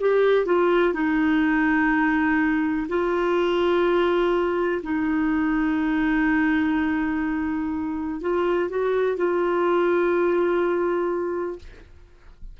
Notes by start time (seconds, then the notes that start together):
0.00 G4
0.46 F4
0.94 D#4
2.88 F4
4.83 D#4
8.21 F4
8.69 F#4
9.17 F4